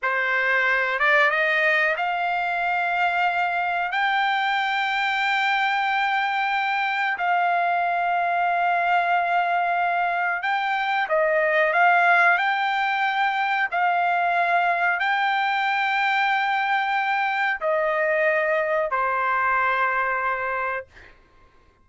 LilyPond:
\new Staff \with { instrumentName = "trumpet" } { \time 4/4 \tempo 4 = 92 c''4. d''8 dis''4 f''4~ | f''2 g''2~ | g''2. f''4~ | f''1 |
g''4 dis''4 f''4 g''4~ | g''4 f''2 g''4~ | g''2. dis''4~ | dis''4 c''2. | }